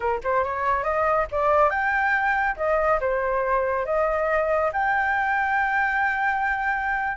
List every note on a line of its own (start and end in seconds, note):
0.00 0.20 A#4
0.23 0.44 C5
0.44 0.83 C#5
0.83 1.26 D#5
1.31 1.69 D5
1.69 2.55 G5
2.56 2.99 D#5
3.00 3.85 C5
3.85 4.71 D#5
4.72 7.17 G5